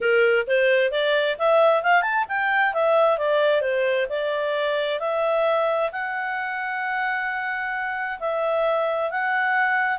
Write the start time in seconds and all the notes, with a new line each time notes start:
0.00 A#4
0.47 C5
0.91 D5
1.38 E5
1.82 F5
2.01 A5
2.28 G5
2.73 E5
3.18 D5
3.61 C5
4.09 D5
4.99 E5
5.92 F#5
8.19 E5
9.10 F#5